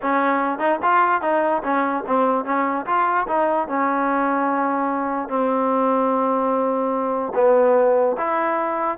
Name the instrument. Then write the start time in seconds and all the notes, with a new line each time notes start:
trombone
0.02 C#4
0.59 D#4
0.82 F4
1.21 D#4
1.63 C#4
2.06 C4
2.45 C#4
2.86 F4
3.27 D#4
3.67 C#4
5.28 C4
7.35 B3
8.17 E4